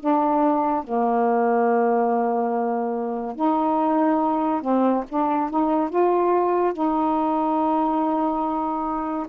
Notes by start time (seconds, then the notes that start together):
0.00 D4
0.85 A#3
3.36 D#4
4.62 C4
5.09 D4
5.51 D#4
5.90 F4
6.74 D#4